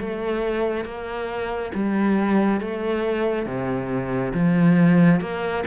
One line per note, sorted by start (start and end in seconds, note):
0.00 0.85 A3
0.85 1.72 A#3
1.74 2.61 G3
2.61 3.46 A3
3.46 4.33 C3
4.34 5.21 F3
5.21 5.64 A#3